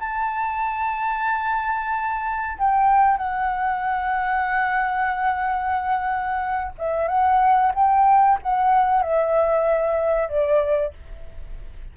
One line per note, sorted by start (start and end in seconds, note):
0.00 2.58 A5
2.58 3.18 G5
3.18 6.73 F#5
6.78 7.08 E5
7.08 7.73 F#5
7.75 8.39 G5
8.43 9.02 F#5
9.02 10.29 E5
10.29 10.93 D5